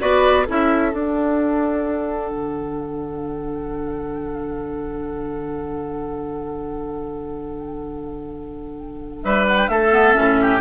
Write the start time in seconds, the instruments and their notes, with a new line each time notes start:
0.00 bassoon B3, clarinet F#4, oboe B4, flute D5
0.46 bassoon C#4, clarinet E4, oboe A4, flute E5
0.92 clarinet D4, bassoon D4, flute F#5
2.31 bassoon D3
9.23 bassoon G3, oboe B4, flute E5
9.47 flute F#5
9.58 flute G5
9.68 bassoon A3, oboe A4, flute E5
9.91 clarinet B3
10.14 bassoon A2, clarinet C#4
10.41 oboe G4